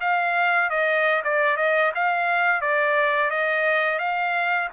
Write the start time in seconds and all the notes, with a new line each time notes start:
0.00 F5
0.70 D#5
1.24 D5
1.57 D#5
1.95 F5
2.61 D5
3.30 D#5
3.99 F5